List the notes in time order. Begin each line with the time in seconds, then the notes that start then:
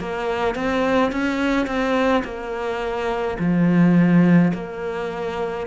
0.00 A#3
0.55 C4
1.12 C#4
1.67 C4
2.24 A#3
3.39 F3
4.54 A#3